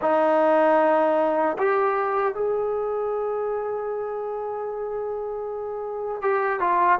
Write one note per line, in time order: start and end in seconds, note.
0.01 1.57 D#4
1.58 2.34 G4
2.34 6.21 G#4
6.21 6.60 G4
6.60 6.99 F4